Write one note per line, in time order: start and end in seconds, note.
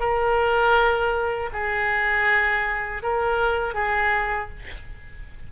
0.00 1.50 A#4
1.53 3.03 G#4
3.03 3.74 A#4
3.74 4.49 G#4